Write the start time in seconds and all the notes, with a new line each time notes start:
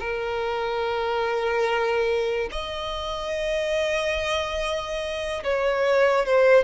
0.00 A#4
2.52 D#5
5.44 C#5
6.26 C5